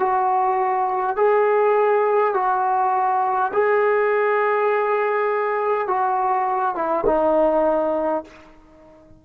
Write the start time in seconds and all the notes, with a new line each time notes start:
0.00 F#4
1.17 G#4
2.35 F#4
3.53 G#4
5.88 F#4
6.75 E4
7.06 D#4